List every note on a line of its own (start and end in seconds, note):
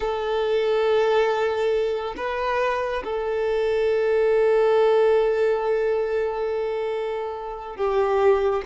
0.00 2.15 A4
2.17 3.03 B4
3.03 7.76 A4
7.76 8.62 G4